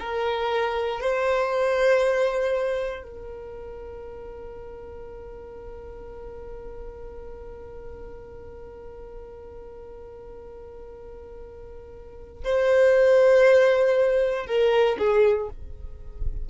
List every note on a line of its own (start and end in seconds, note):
0.00 1.01 A#4
1.01 3.03 C5
3.03 12.44 A#4
12.44 14.47 C5
14.47 14.98 A#4
14.99 15.49 G#4